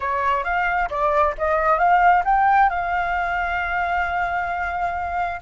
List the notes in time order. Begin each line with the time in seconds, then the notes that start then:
0.00 C#5
0.44 F5
0.89 D5
1.38 D#5
1.78 F5
2.25 G5
2.69 F5